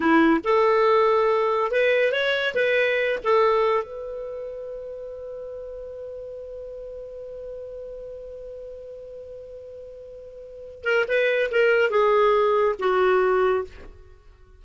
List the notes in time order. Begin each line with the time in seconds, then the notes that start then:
0.00 E4
0.44 A4
1.71 B4
2.12 C#5
2.54 B4
3.23 A4
3.83 B4
10.84 A#4
11.08 B4
11.51 A#4
11.90 G#4
12.79 F#4